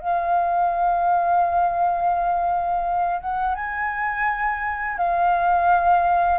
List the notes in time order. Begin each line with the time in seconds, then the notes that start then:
0.00 F5
3.21 F#5
3.55 G#5
4.98 F5